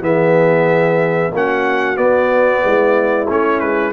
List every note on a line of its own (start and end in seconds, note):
0.00 1.30 E3
0.00 1.32 B3
0.00 1.32 G#4
0.00 1.33 E5
1.32 1.96 A#3
1.32 1.96 C#4
1.32 2.63 F#4
1.32 1.97 F#5
1.96 3.26 B3
1.96 2.62 B3
1.96 3.27 D5
2.63 3.29 G#3
2.63 3.93 E4
3.28 3.61 A3
3.28 3.93 C#4
3.28 3.59 C#5
3.59 3.93 G#3
3.59 3.92 B4